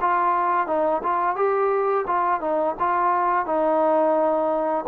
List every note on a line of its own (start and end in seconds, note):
0.00 0.67 F4
0.67 1.01 D#4
1.03 1.35 F4
1.35 2.05 G4
2.07 2.40 F4
2.40 2.75 D#4
2.79 3.45 F4
3.45 4.85 D#4